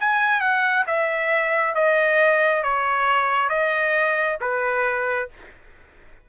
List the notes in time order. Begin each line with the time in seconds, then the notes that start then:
0.00 G#5
0.40 F#5
0.87 E5
1.75 D#5
2.63 C#5
3.49 D#5
4.41 B4